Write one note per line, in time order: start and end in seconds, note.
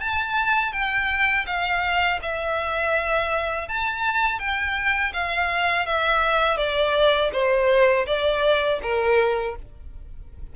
0.00 0.72 A5
0.72 1.45 G5
1.46 2.20 F5
2.22 3.69 E5
3.69 4.39 A5
4.39 5.12 G5
5.13 5.86 F5
5.86 6.57 E5
6.57 7.30 D5
7.33 8.06 C5
8.07 8.80 D5
8.82 9.56 A#4